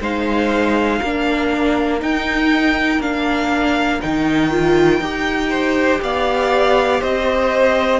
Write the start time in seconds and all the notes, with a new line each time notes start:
0.00 G#3 D#4 C5 F5
1.00 A#3 D4 A#4
1.99 D#4 G5
2.99 A#3 D4 F5
4.01 D#3 D#4 G5
4.50 F4
5.00 D#4 G4
5.50 C5
6.01 B3 D5 F5
7.00 C4 C5 D#5